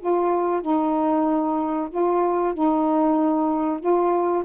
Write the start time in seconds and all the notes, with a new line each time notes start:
0.00 F4
0.62 D#4
1.90 F4
2.54 D#4
3.80 F4